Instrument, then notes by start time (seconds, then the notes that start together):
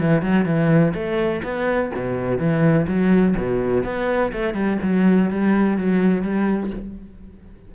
cello
0.00 E3
0.22 F#3
0.45 E3
0.94 A3
1.43 B3
1.95 B2
2.38 E3
2.87 F#3
3.38 B2
3.84 B3
4.33 A3
4.54 G3
4.83 F#3
5.31 G3
5.78 F#3
6.22 G3